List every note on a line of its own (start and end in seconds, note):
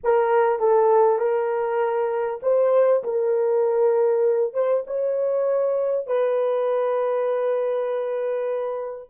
0.03 0.59 A#4
0.59 1.18 A4
1.18 2.40 A#4
2.42 3.03 C5
3.03 4.53 A#4
4.53 4.83 C5
4.86 6.06 C#5
6.06 9.09 B4